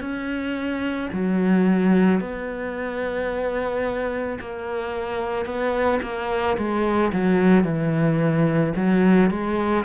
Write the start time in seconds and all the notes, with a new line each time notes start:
0.00 C#4
1.12 F#3
2.20 B3
4.39 A#3
5.45 B3
6.02 A#3
6.57 G#3
7.13 F#3
7.64 E3
8.76 F#3
9.30 G#3